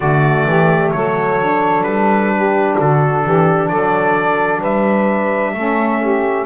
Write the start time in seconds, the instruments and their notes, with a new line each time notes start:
0.00 double bass D3, saxophone A3 F#4, trumpet D5
0.45 double bass E3, saxophone G4
0.91 double bass F#3, saxophone A4, trumpet C#5
1.39 saxophone D4
1.83 double bass G3, trumpet B4
2.34 saxophone G4
2.78 double bass D3, saxophone F#4, trumpet A4
3.23 double bass E3, saxophone G4
3.68 double bass F#3, saxophone A4, trumpet D5
4.60 double bass G3, saxophone B4, trumpet E5
5.53 double bass A3, saxophone C#4 A4
6.00 saxophone G4